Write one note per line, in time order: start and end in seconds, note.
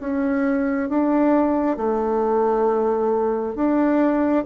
0.00 0.89 C#4
0.89 1.77 D4
1.77 3.55 A3
3.55 4.45 D4